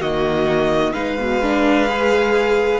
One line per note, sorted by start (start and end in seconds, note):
0.00 0.94 D#3
0.00 0.94 A#3
0.00 0.93 F#4
0.00 0.93 D#5
0.93 2.79 G#3
0.93 1.18 D#4
0.93 2.79 B4
0.93 2.79 F5
1.19 1.42 B2
1.42 1.88 D4
1.88 2.79 G#4